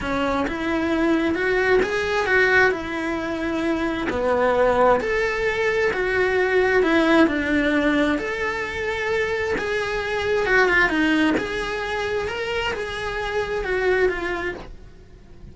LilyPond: \new Staff \with { instrumentName = "cello" } { \time 4/4 \tempo 4 = 132 cis'4 e'2 fis'4 | gis'4 fis'4 e'2~ | e'4 b2 a'4~ | a'4 fis'2 e'4 |
d'2 a'2~ | a'4 gis'2 fis'8 f'8 | dis'4 gis'2 ais'4 | gis'2 fis'4 f'4 | }